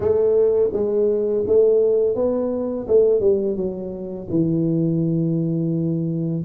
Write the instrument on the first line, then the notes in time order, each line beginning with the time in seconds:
tuba
0.00 A3
0.72 G#3
1.46 A3
2.15 B3
2.87 A3
3.20 G3
3.56 F#3
4.30 E3